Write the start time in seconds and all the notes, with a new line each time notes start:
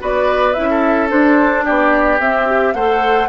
0.00 B3 F#4 B4 D5
0.54 C#4 E4 E5
0.70 A4
1.09 D4 C5
1.65 B3 G4 D5
2.20 C4 E5
2.47 G4
2.74 A3 A4 C5 F#5